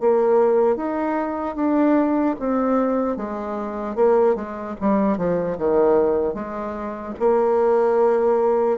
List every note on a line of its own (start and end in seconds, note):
0.00 0.76 A#3
0.76 1.56 D#4
1.56 2.36 D4
2.40 3.16 C4
3.16 3.96 G#3
3.96 4.35 A#3
4.35 4.75 G#3
4.80 5.17 G3
5.17 5.57 F3
5.58 6.35 D#3
6.35 7.15 G#3
7.19 8.78 A#3